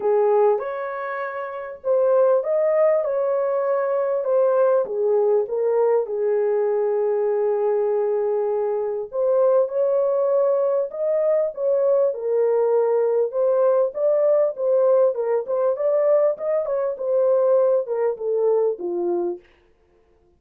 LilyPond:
\new Staff \with { instrumentName = "horn" } { \time 4/4 \tempo 4 = 99 gis'4 cis''2 c''4 | dis''4 cis''2 c''4 | gis'4 ais'4 gis'2~ | gis'2. c''4 |
cis''2 dis''4 cis''4 | ais'2 c''4 d''4 | c''4 ais'8 c''8 d''4 dis''8 cis''8 | c''4. ais'8 a'4 f'4 | }